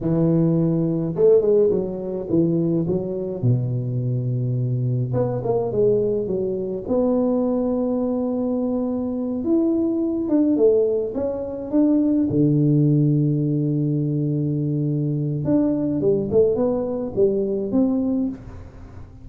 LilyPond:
\new Staff \with { instrumentName = "tuba" } { \time 4/4 \tempo 4 = 105 e2 a8 gis8 fis4 | e4 fis4 b,2~ | b,4 b8 ais8 gis4 fis4 | b1~ |
b8 e'4. d'8 a4 cis'8~ | cis'8 d'4 d2~ d8~ | d2. d'4 | g8 a8 b4 g4 c'4 | }